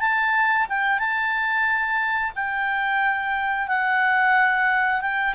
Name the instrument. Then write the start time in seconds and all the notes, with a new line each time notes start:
clarinet
0.00 A5
0.69 G5
0.99 A5
2.35 G5
3.68 F#5
5.01 G5